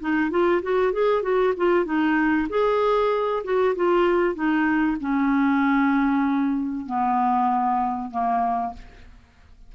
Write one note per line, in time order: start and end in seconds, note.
0.00 0.30 D#4
0.30 0.61 F4
0.62 0.93 F#4
0.93 1.22 G#4
1.22 1.53 F#4
1.57 1.85 F4
1.85 2.47 D#4
2.49 3.43 G#4
3.44 3.75 F#4
3.75 4.35 F4
4.35 4.97 D#4
5.00 6.86 C#4
6.86 8.11 B3
8.11 8.73 A#3